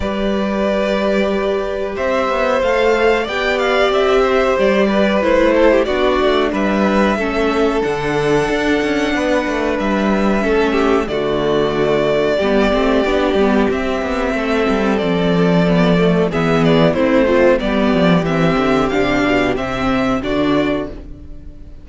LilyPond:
<<
  \new Staff \with { instrumentName = "violin" } { \time 4/4 \tempo 4 = 92 d''2. e''4 | f''4 g''8 f''8 e''4 d''4 | c''4 d''4 e''2 | fis''2. e''4~ |
e''4 d''2.~ | d''4 e''2 d''4~ | d''4 e''8 d''8 c''4 d''4 | e''4 f''4 e''4 d''4 | }
  \new Staff \with { instrumentName = "violin" } { \time 4/4 b'2. c''4~ | c''4 d''4. c''4 b'8~ | b'8 a'16 g'16 fis'4 b'4 a'4~ | a'2 b'2 |
a'8 g'8 fis'2 g'4~ | g'2 a'2~ | a'4 gis'4 e'8 c'8 g'4~ | g'2. fis'4 | }
  \new Staff \with { instrumentName = "viola" } { \time 4/4 g'1 | a'4 g'2. | e'4 d'2 cis'4 | d'1 |
cis'4 a2 b8 c'8 | d'8 b8 c'2. | b8 a8 b4 c'8 f'8 b4 | c'4 d'4 c'4 d'4 | }
  \new Staff \with { instrumentName = "cello" } { \time 4/4 g2. c'8 b8 | a4 b4 c'4 g4 | a4 b8 a8 g4 a4 | d4 d'8 cis'8 b8 a8 g4 |
a4 d2 g8 a8 | b8 g8 c'8 b8 a8 g8 f4~ | f4 e4 a4 g8 f8 | e8 d8 c8 b,8 c4 d4 | }
>>